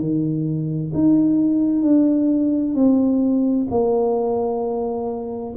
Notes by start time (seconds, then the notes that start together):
0.00 D#3
0.94 D#4
1.83 D4
2.75 C4
3.70 A#3